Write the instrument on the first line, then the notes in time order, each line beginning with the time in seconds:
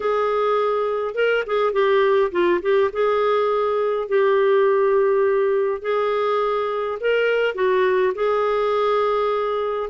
clarinet
0.00 G#4
1.14 A#4
1.46 G#4
1.73 G4
2.31 F4
2.61 G4
2.92 G#4
4.08 G4
5.81 G#4
7.00 A#4
7.54 F#4
8.14 G#4